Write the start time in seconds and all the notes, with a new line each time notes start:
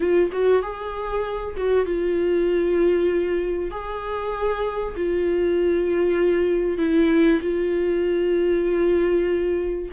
0.00 F4
0.32 F#4
0.62 G#4
1.56 F#4
1.85 F4
3.71 G#4
4.96 F4
6.78 E4
7.41 F4